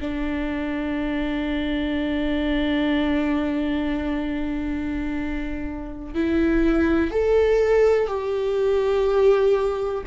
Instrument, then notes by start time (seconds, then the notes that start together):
viola
0.00 D4
6.14 E4
7.10 A4
8.07 G4